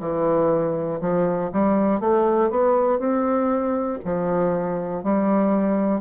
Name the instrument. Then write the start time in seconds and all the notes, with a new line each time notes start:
bassoon
0.00 E3
1.01 F3
1.52 G3
2.00 A3
2.50 B3
2.99 C4
4.05 F3
5.04 G3